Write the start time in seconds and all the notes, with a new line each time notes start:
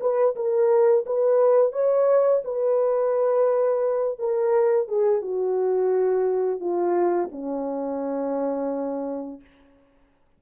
0.00 B4
0.35 A#4
1.06 B4
1.72 C#5
2.44 B4
4.19 A#4
4.87 G#4
5.21 F#4
6.60 F4
7.31 C#4